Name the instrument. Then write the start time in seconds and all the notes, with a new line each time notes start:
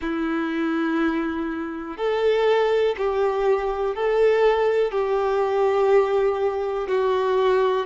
violin
0.01 E4
1.97 A4
2.97 G4
3.95 A4
4.91 G4
6.88 F#4